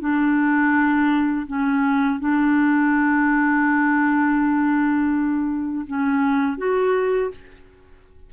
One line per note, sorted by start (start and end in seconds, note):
0.00 1.46 D4
1.47 2.20 C#4
2.20 5.85 D4
5.87 6.58 C#4
6.58 7.31 F#4